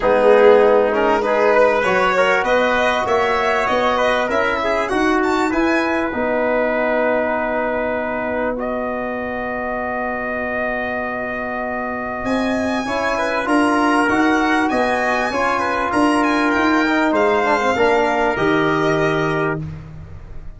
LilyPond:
<<
  \new Staff \with { instrumentName = "violin" } { \time 4/4 \tempo 4 = 98 gis'4. ais'8 b'4 cis''4 | dis''4 e''4 dis''4 e''4 | fis''8 a''8 gis''4 fis''2~ | fis''1~ |
fis''1 | gis''2 ais''4 fis''4 | gis''2 ais''8 gis''8 g''4 | f''2 dis''2 | }
  \new Staff \with { instrumentName = "trumpet" } { \time 4/4 dis'2 gis'8 b'4 ais'8 | b'4 cis''4. b'8 ais'8 gis'8 | fis'4 b'2.~ | b'2 dis''2~ |
dis''1~ | dis''4 cis''8 b'8 ais'2 | dis''4 cis''8 b'8 ais'2 | c''4 ais'2. | }
  \new Staff \with { instrumentName = "trombone" } { \time 4/4 b4. cis'8 dis'4 fis'4~ | fis'2. e'4 | fis'4 e'4 dis'2~ | dis'2 fis'2~ |
fis'1~ | fis'4 e'4 f'4 fis'4~ | fis'4 f'2~ f'8 dis'8~ | dis'8 d'16 c'16 d'4 g'2 | }
  \new Staff \with { instrumentName = "tuba" } { \time 4/4 gis2. fis4 | b4 ais4 b4 cis'4 | dis'4 e'4 b2~ | b1~ |
b1 | c'4 cis'4 d'4 dis'4 | b4 cis'4 d'4 dis'4 | gis4 ais4 dis2 | }
>>